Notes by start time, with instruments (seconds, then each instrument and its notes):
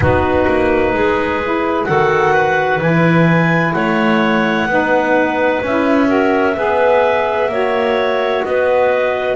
0.00 double bass B3, saxophone D#4, clarinet F#4 B4
0.47 double bass A#3
0.93 double bass G#3, clarinet G#4
1.43 saxophone E4
1.84 double bass D#3, saxophone F#4, clarinet A4 F#5
2.33 clarinet B4
2.80 double bass E3, saxophone E4, clarinet G#5
3.73 double bass A3, clarinet C#5 F#5
4.66 double bass B3, saxophone D#4, clarinet B4
5.62 double bass C#4, saxophone E4, clarinet E5
6.06 saxophone F#4, clarinet A#4
6.56 double bass B3, saxophone G#4, clarinet B4
7.48 double bass A#3, saxophone F#4, clarinet C#5
8.44 double bass B3, clarinet B4 D#5